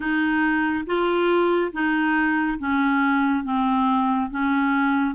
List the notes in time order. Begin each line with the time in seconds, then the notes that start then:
0.00 D#4
0.86 F4
1.72 D#4
2.58 C#4
3.44 C4
4.30 C#4